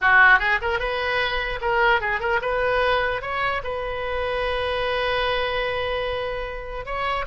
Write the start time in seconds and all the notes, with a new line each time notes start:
0.01 F#4
0.39 G#4
0.61 A#4
0.79 B4
1.61 A#4
2.01 G#4
2.19 A#4
2.41 B4
3.21 C#5
3.63 B4
6.85 C#5